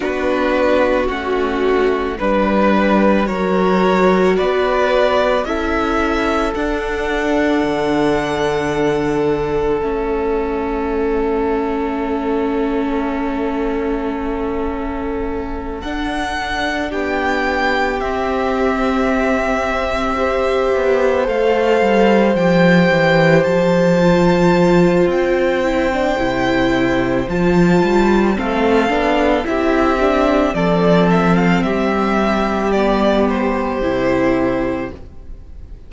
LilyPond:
<<
  \new Staff \with { instrumentName = "violin" } { \time 4/4 \tempo 4 = 55 b'4 fis'4 b'4 cis''4 | d''4 e''4 fis''2~ | fis''4 e''2.~ | e''2~ e''8 fis''4 g''8~ |
g''8 e''2. f''8~ | f''8 g''4 a''4. g''4~ | g''4 a''4 f''4 e''4 | d''8 e''16 f''16 e''4 d''8 c''4. | }
  \new Staff \with { instrumentName = "violin" } { \time 4/4 fis'2 b'4 ais'4 | b'4 a'2.~ | a'1~ | a'2.~ a'8 g'8~ |
g'2~ g'8 c''4.~ | c''1~ | c''2 a'4 g'4 | a'4 g'2. | }
  \new Staff \with { instrumentName = "viola" } { \time 4/4 d'4 cis'4 d'4 fis'4~ | fis'4 e'4 d'2~ | d'4 cis'2.~ | cis'2~ cis'8 d'4.~ |
d'8 c'2 g'4 a'8~ | a'8 g'4. f'4. e'16 d'16 | e'4 f'4 c'8 d'8 e'8 d'8 | c'2 b4 e'4 | }
  \new Staff \with { instrumentName = "cello" } { \time 4/4 b4 a4 g4 fis4 | b4 cis'4 d'4 d4~ | d4 a2.~ | a2~ a8 d'4 b8~ |
b8 c'2~ c'8 b8 a8 | g8 f8 e8 f4. c'4 | c4 f8 g8 a8 b8 c'4 | f4 g2 c4 | }
>>